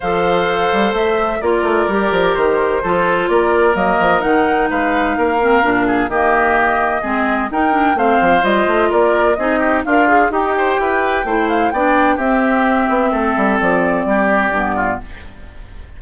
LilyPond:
<<
  \new Staff \with { instrumentName = "flute" } { \time 4/4 \tempo 4 = 128 f''2 e''4 d''4~ | d''4 c''2 d''4 | dis''4 fis''4 f''2~ | f''4 dis''2. |
g''4 f''4 dis''4 d''4 | dis''4 f''4 g''2~ | g''8 f''8 g''4 e''2~ | e''4 d''2. | }
  \new Staff \with { instrumentName = "oboe" } { \time 4/4 c''2. ais'4~ | ais'2 a'4 ais'4~ | ais'2 b'4 ais'4~ | ais'8 gis'8 g'2 gis'4 |
ais'4 c''2 ais'4 | gis'8 g'8 f'4 dis'8 c''8 b'4 | c''4 d''4 g'2 | a'2 g'4. f'8 | }
  \new Staff \with { instrumentName = "clarinet" } { \time 4/4 a'2. f'4 | g'2 f'2 | ais4 dis'2~ dis'8 c'8 | d'4 ais2 c'4 |
dis'8 d'8 c'4 f'2 | dis'4 ais'8 gis'8 g'2 | e'4 d'4 c'2~ | c'2. b4 | }
  \new Staff \with { instrumentName = "bassoon" } { \time 4/4 f4. g8 a4 ais8 a8 | g8 f8 dis4 f4 ais4 | fis8 f8 dis4 gis4 ais4 | ais,4 dis2 gis4 |
dis'4 a8 f8 g8 a8 ais4 | c'4 d'4 dis'4 e'4 | a4 b4 c'4. b8 | a8 g8 f4 g4 g,4 | }
>>